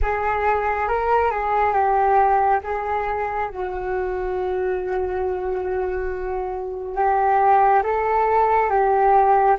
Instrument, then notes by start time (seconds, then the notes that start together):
flute
0.02 G#4
0.88 A#4
1.30 G#4
1.73 G4
2.63 G#4
3.49 F#4
6.95 G4
7.83 A4
8.70 G4